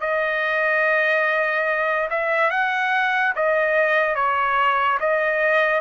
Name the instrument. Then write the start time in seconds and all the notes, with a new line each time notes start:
trumpet
0.00 D#5
2.09 E5
2.50 F#5
3.35 D#5
4.15 C#5
5.00 D#5